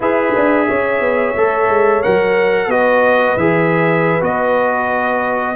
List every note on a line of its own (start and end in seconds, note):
0.00 0.32 E4
0.00 1.36 G#4
0.00 0.66 B4
0.00 2.02 E5
0.35 0.69 D4
0.68 1.00 C#4
0.68 2.70 C#5
1.00 1.33 B3
1.36 1.68 A3
1.36 2.03 A4
1.68 2.01 G#3
2.02 2.67 F#3
2.02 2.70 A#4
2.02 2.70 F#5
2.67 3.34 B3
2.67 3.37 F#4
2.67 5.55 B4
2.67 3.37 D#5
3.36 4.21 E3
3.36 4.21 G#4
3.36 4.22 E5
4.21 5.55 B3
4.21 5.55 F#4
4.21 5.55 D#5